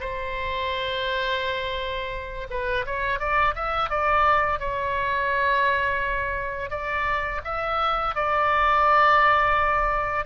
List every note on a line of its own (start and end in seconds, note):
0.00 2.47 C5
2.50 2.85 B4
2.86 3.19 C#5
3.19 3.54 D5
3.55 3.90 E5
3.90 4.59 D5
4.59 6.70 C#5
6.70 7.41 D5
7.44 8.15 E5
8.15 10.25 D5